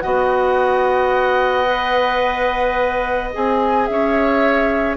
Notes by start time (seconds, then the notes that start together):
0.00 B3 F#4 D#5 F#5
1.65 B4
3.33 C4 G#4 G#5
3.86 C#4 C#5 E5